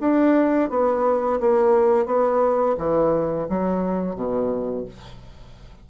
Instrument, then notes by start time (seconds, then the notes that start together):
bassoon
0.00 D4
0.70 B3
1.40 A#3
2.05 B3
2.78 E3
3.49 F#3
4.15 B2